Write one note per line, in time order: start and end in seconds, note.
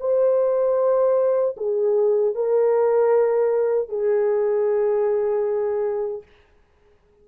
0.00 1.56 C5
1.57 2.34 G#4
2.35 3.89 A#4
3.89 6.22 G#4